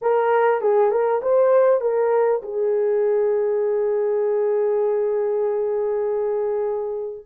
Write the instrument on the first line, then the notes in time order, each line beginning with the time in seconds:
horn
0.01 A#4
0.61 G#4
0.91 A#4
1.22 C5
1.80 A#4
2.42 G#4